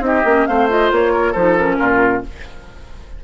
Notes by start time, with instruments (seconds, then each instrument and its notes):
0.00 bassoon C4, clarinet D#4, oboe G4, flute D#5
0.24 bassoon A#3, clarinet C#4
0.46 bassoon A3, clarinet C4, oboe C5, flute F5
0.69 clarinet F4, flute D#5
0.91 bassoon A#3, flute C#5
1.12 oboe A#4
1.31 bassoon F3, clarinet D#4, oboe A4, flute C5
1.57 clarinet C#4, flute A#4
1.79 bassoon A#2, oboe F4